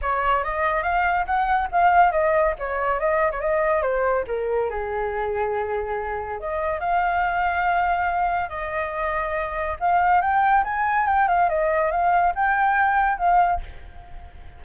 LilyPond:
\new Staff \with { instrumentName = "flute" } { \time 4/4 \tempo 4 = 141 cis''4 dis''4 f''4 fis''4 | f''4 dis''4 cis''4 dis''8. cis''16 | dis''4 c''4 ais'4 gis'4~ | gis'2. dis''4 |
f''1 | dis''2. f''4 | g''4 gis''4 g''8 f''8 dis''4 | f''4 g''2 f''4 | }